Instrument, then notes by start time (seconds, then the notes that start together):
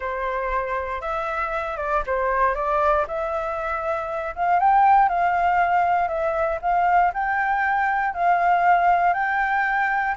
flute
0.00 C5
1.01 E5
1.77 D5
2.06 C5
2.54 D5
3.07 E5
4.35 F5
4.59 G5
5.08 F5
6.08 E5
6.61 F5
7.13 G5
8.14 F5
9.13 G5